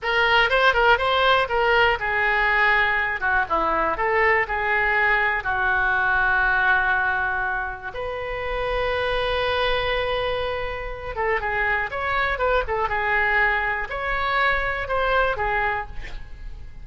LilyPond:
\new Staff \with { instrumentName = "oboe" } { \time 4/4 \tempo 4 = 121 ais'4 c''8 ais'8 c''4 ais'4 | gis'2~ gis'8 fis'8 e'4 | a'4 gis'2 fis'4~ | fis'1 |
b'1~ | b'2~ b'8 a'8 gis'4 | cis''4 b'8 a'8 gis'2 | cis''2 c''4 gis'4 | }